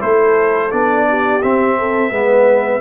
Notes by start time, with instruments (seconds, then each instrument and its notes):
0.00 tuba A3, trombone E4, horn A4, trumpet C5
0.71 tuba B3, trombone D4, trumpet D5
1.10 horn G4
1.43 tuba C4, trombone C4, trumpet E5
1.79 horn A4
2.11 tuba G#3, trombone B3, horn B4